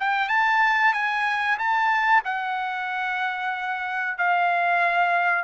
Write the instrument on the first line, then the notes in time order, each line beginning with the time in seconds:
trumpet
0.00 G5
0.29 A5
0.93 G#5
1.58 A5
2.24 F#5
4.18 F5